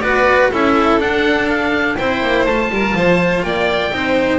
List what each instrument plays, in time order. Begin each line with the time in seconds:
0.00 double bass B3, cello F#4, violin B4, oboe D5
0.50 double bass C#4, cello E4, violin A4, oboe E5
0.98 double bass D4, cello D4, oboe F#5
1.49 oboe F5
1.97 double bass C4, cello E4, violin C5, oboe G5
2.22 double bass A#3
2.45 double bass A3, cello F4, oboe A5
2.69 double bass G3, violin A#4
2.94 double bass F3, violin C5
3.42 double bass A#3, violin D5, oboe G5
3.92 double bass C4, cello D#4, violin C5